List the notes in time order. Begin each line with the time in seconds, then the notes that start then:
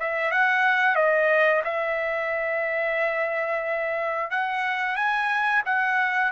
0.00 E5
0.32 F#5
0.96 D#5
1.64 E5
4.31 F#5
4.96 G#5
5.66 F#5